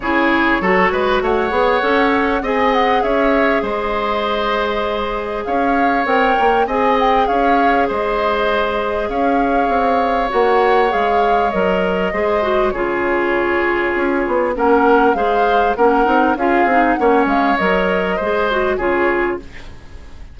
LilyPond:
<<
  \new Staff \with { instrumentName = "flute" } { \time 4/4 \tempo 4 = 99 cis''2 fis''2 | gis''8 fis''8 e''4 dis''2~ | dis''4 f''4 g''4 gis''8 g''8 | f''4 dis''2 f''4~ |
f''4 fis''4 f''4 dis''4~ | dis''4 cis''2. | fis''4 f''4 fis''4 f''4 | fis''8 f''8 dis''2 cis''4 | }
  \new Staff \with { instrumentName = "oboe" } { \time 4/4 gis'4 a'8 b'8 cis''2 | dis''4 cis''4 c''2~ | c''4 cis''2 dis''4 | cis''4 c''2 cis''4~ |
cis''1 | c''4 gis'2. | ais'4 c''4 ais'4 gis'4 | cis''2 c''4 gis'4 | }
  \new Staff \with { instrumentName = "clarinet" } { \time 4/4 e'4 fis'4. gis'8 a'4 | gis'1~ | gis'2 ais'4 gis'4~ | gis'1~ |
gis'4 fis'4 gis'4 ais'4 | gis'8 fis'8 f'2. | cis'4 gis'4 cis'8 dis'8 f'8 dis'8 | cis'4 ais'4 gis'8 fis'8 f'4 | }
  \new Staff \with { instrumentName = "bassoon" } { \time 4/4 cis4 fis8 gis8 a8 b8 cis'4 | c'4 cis'4 gis2~ | gis4 cis'4 c'8 ais8 c'4 | cis'4 gis2 cis'4 |
c'4 ais4 gis4 fis4 | gis4 cis2 cis'8 b8 | ais4 gis4 ais8 c'8 cis'8 c'8 | ais8 gis8 fis4 gis4 cis4 | }
>>